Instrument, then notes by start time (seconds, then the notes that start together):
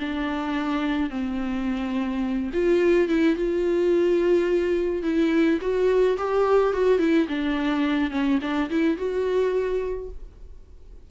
viola
0.00 D4
1.10 C4
2.53 F4
3.09 E4
3.36 F4
5.03 E4
5.61 F#4
6.18 G4
6.73 F#4
6.99 E4
7.29 D4
8.11 C#4
8.42 D4
8.70 E4
8.97 F#4